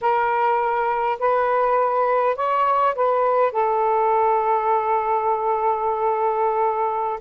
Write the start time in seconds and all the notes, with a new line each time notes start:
0.01 A#4
1.19 B4
2.36 C#5
2.95 B4
3.52 A4